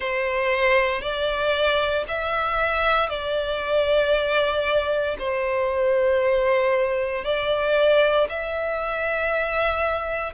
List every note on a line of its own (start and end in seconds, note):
0.00 1.01 C5
1.01 2.05 D5
2.08 3.09 E5
3.09 5.16 D5
5.19 7.24 C5
7.24 8.28 D5
8.29 10.33 E5